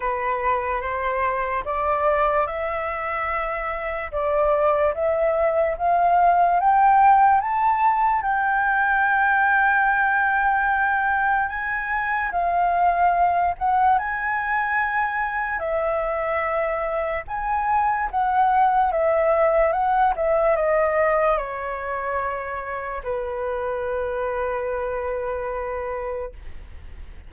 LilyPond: \new Staff \with { instrumentName = "flute" } { \time 4/4 \tempo 4 = 73 b'4 c''4 d''4 e''4~ | e''4 d''4 e''4 f''4 | g''4 a''4 g''2~ | g''2 gis''4 f''4~ |
f''8 fis''8 gis''2 e''4~ | e''4 gis''4 fis''4 e''4 | fis''8 e''8 dis''4 cis''2 | b'1 | }